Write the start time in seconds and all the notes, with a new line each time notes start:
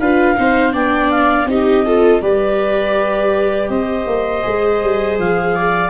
0.00 D4 F4 B4 F5
0.37 C4 D#4 C5
0.73 B3 D4 D5 G5
1.11 F5
1.46 C4 D#4 G4 D#5
1.86 F4 A4
2.22 G3 G4 B4 D5
3.70 C4 C5 D#5
4.07 A#3
4.43 G#3 G#4
4.83 G3
5.19 F3 F5
5.56 D5